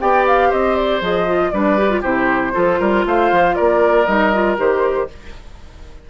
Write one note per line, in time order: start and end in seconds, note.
0.00 0.52 B3
0.00 1.02 G4
0.00 0.49 D5
0.00 0.25 G5
0.27 0.52 F5
0.49 1.01 C4
0.49 1.51 C5
0.49 0.76 D#5
0.76 1.01 D5
1.01 1.52 F3
1.01 1.27 G#4
1.01 1.51 D#5
1.27 1.52 F4
1.51 2.03 G3
1.51 1.78 D4
1.51 2.01 B4
1.51 2.02 D5
1.78 1.90 G4
1.90 2.03 F4
2.01 2.53 C3
2.01 2.53 E4
2.01 2.52 G4
2.01 3.05 C5
2.53 2.80 F3
2.53 4.05 F4
2.53 2.80 A4
2.80 3.06 G3
2.80 3.05 A#4
3.06 3.31 A3
3.06 3.56 C5
3.06 3.55 F5
3.32 3.57 F3
3.55 4.07 A#3
3.55 5.08 A#4
3.55 4.05 D5
4.05 4.58 G3
4.05 4.32 D#4
4.05 4.56 D#5
4.33 4.57 F4
4.57 5.09 D#3
4.57 5.08 G4
4.57 5.10 C5